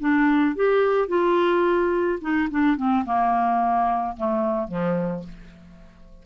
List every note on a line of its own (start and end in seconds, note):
0.00 0.56 D4
0.56 1.08 G4
1.08 2.19 F4
2.21 2.49 D#4
2.51 2.77 D4
2.77 3.05 C4
3.05 4.16 A#3
4.17 4.68 A3
4.68 5.23 F3